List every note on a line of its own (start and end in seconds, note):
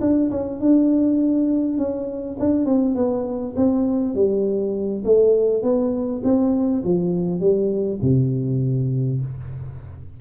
0.00 0.30 D4
0.30 0.60 C#4
0.60 1.77 D4
1.77 2.37 C#4
2.39 2.65 D4
2.65 2.95 C4
2.95 3.54 B3
3.56 4.14 C4
4.14 5.03 G3
5.04 5.62 A3
5.62 6.22 B3
6.23 6.83 C4
6.83 7.40 F3
7.40 7.99 G3
8.01 9.20 C3